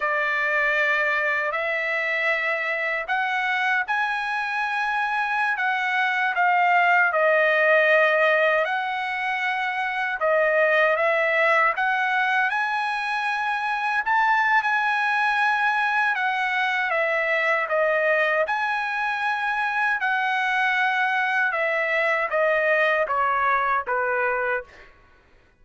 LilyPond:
\new Staff \with { instrumentName = "trumpet" } { \time 4/4 \tempo 4 = 78 d''2 e''2 | fis''4 gis''2~ gis''16 fis''8.~ | fis''16 f''4 dis''2 fis''8.~ | fis''4~ fis''16 dis''4 e''4 fis''8.~ |
fis''16 gis''2 a''8. gis''4~ | gis''4 fis''4 e''4 dis''4 | gis''2 fis''2 | e''4 dis''4 cis''4 b'4 | }